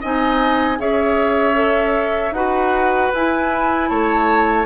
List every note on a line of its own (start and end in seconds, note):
0.00 0.79 C4
0.00 0.78 D#4
0.00 0.78 D#5
0.00 0.80 G#5
0.78 2.31 C#4
0.78 1.54 G#4
0.78 2.35 C#5
0.78 2.33 E5
1.54 2.32 A4
2.31 3.09 D#4
2.31 3.13 F#4
2.31 3.89 B4
2.31 3.11 F#5
3.14 3.90 E4
3.14 4.66 E4
3.14 3.88 G#5
3.88 4.66 A3
3.88 4.66 C#5
3.88 4.66 A5